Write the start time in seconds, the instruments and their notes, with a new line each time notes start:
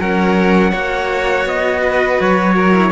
0.00 cello F#3 C#4, violin A#4, trumpet F#5
0.71 cello A#3 F#4, violin C#5
1.46 cello B3, trumpet D#5
1.82 violin B4
2.21 cello F#3, trumpet C#5
2.55 violin A#4
2.72 cello E4